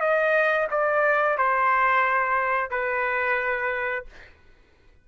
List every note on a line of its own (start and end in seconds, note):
0.00 0.67 D#5
0.70 1.38 D5
1.38 2.70 C5
2.70 4.05 B4